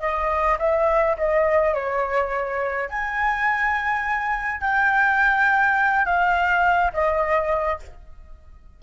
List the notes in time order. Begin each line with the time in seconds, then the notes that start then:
0.00 D#5
0.59 E5
1.18 D#5
1.74 C#5
2.89 G#5
4.61 G5
6.06 F5
6.93 D#5